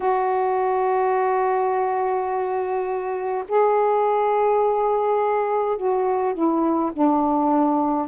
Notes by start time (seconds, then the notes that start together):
0.00 F#4
3.48 G#4
5.77 F#4
6.34 E4
6.92 D4